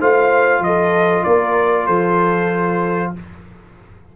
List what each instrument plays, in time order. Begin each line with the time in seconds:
0.00 tuba A3, trombone F4, horn C5, trumpet F5
0.59 tuba F3, trumpet D#5
0.66 horn A4
1.24 tuba A#3, horn A#4, trumpet D5
1.86 tuba F3, horn A4, trumpet C5